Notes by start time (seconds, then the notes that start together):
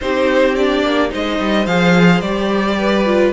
0.00 C4 D#4 G4 C5
0.55 D4 D5
0.82 A#3
1.09 G#3 D#4 C5 D#5
1.39 G3
1.66 F3 G#4 F5
2.20 G3 G4 D5
2.78 B4
3.05 F4